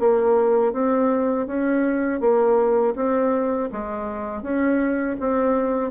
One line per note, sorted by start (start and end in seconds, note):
0.00 0.73 A#3
0.73 1.47 C4
1.47 2.21 C#4
2.21 2.95 A#3
2.96 3.70 C4
3.72 4.43 G#3
4.43 5.17 C#4
5.21 5.92 C4